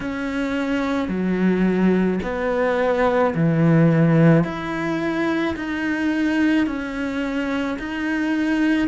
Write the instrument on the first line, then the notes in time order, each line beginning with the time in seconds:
cello
0.00 C#4
1.08 F#3
2.22 B3
3.34 E3
4.43 E4
5.56 D#4
6.66 C#4
7.78 D#4